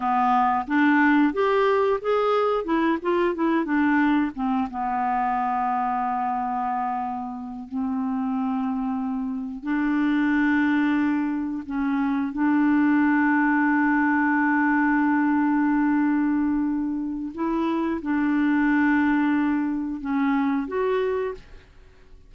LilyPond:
\new Staff \with { instrumentName = "clarinet" } { \time 4/4 \tempo 4 = 90 b4 d'4 g'4 gis'4 | e'8 f'8 e'8 d'4 c'8 b4~ | b2.~ b8 c'8~ | c'2~ c'8 d'4.~ |
d'4. cis'4 d'4.~ | d'1~ | d'2 e'4 d'4~ | d'2 cis'4 fis'4 | }